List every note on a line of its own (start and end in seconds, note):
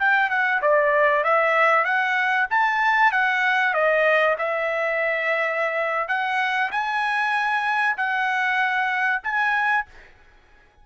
0.00 0.30 G5
0.30 0.61 F#5
0.62 1.24 D5
1.24 1.85 E5
1.85 2.47 F#5
2.51 3.12 A5
3.12 3.74 F#5
3.74 4.37 D#5
4.39 6.09 E5
6.09 6.71 F#5
6.72 7.97 G#5
7.97 9.22 F#5
9.24 9.86 G#5